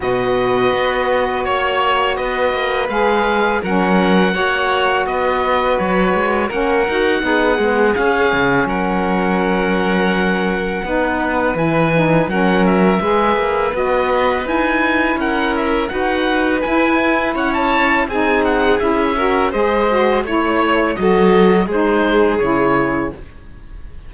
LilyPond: <<
  \new Staff \with { instrumentName = "oboe" } { \time 4/4 \tempo 4 = 83 dis''2 cis''4 dis''4 | f''4 fis''2 dis''4 | cis''4 fis''2 f''4 | fis''1 |
gis''4 fis''8 e''4. dis''4 | gis''4 fis''8 e''8 fis''4 gis''4 | fis''16 a''8. gis''8 fis''8 e''4 dis''4 | cis''4 dis''4 c''4 cis''4 | }
  \new Staff \with { instrumentName = "violin" } { \time 4/4 b'2 cis''4 b'4~ | b'4 ais'4 cis''4 b'4~ | b'4 ais'4 gis'2 | ais'2. b'4~ |
b'4 ais'4 b'2~ | b'4 ais'4 b'2 | cis''4 gis'4. ais'8 c''4 | cis''4 a'4 gis'2 | }
  \new Staff \with { instrumentName = "saxophone" } { \time 4/4 fis'1 | gis'4 cis'4 fis'2~ | fis'4 cis'8 fis'8 dis'8 b8 cis'4~ | cis'2. dis'4 |
e'8 dis'8 cis'4 gis'4 fis'4 | e'2 fis'4 e'4~ | e'4 dis'4 e'8 fis'8 gis'8 fis'8 | e'4 fis'4 dis'4 e'4 | }
  \new Staff \with { instrumentName = "cello" } { \time 4/4 b,4 b4 ais4 b8 ais8 | gis4 fis4 ais4 b4 | fis8 gis8 ais8 dis'8 b8 gis8 cis'8 cis8 | fis2. b4 |
e4 fis4 gis8 ais8 b4 | dis'4 cis'4 dis'4 e'4 | cis'4 c'4 cis'4 gis4 | a4 fis4 gis4 cis4 | }
>>